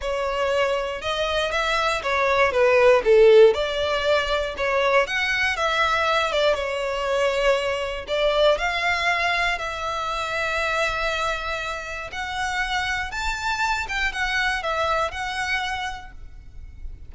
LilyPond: \new Staff \with { instrumentName = "violin" } { \time 4/4 \tempo 4 = 119 cis''2 dis''4 e''4 | cis''4 b'4 a'4 d''4~ | d''4 cis''4 fis''4 e''4~ | e''8 d''8 cis''2. |
d''4 f''2 e''4~ | e''1 | fis''2 a''4. g''8 | fis''4 e''4 fis''2 | }